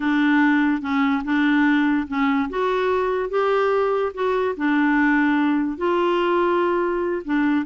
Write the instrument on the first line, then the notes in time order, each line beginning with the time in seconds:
clarinet
0.00 D4
0.81 C#4
1.24 D4
2.07 C#4
2.49 F#4
3.29 G4
4.14 F#4
4.56 D4
5.77 F4
7.25 D4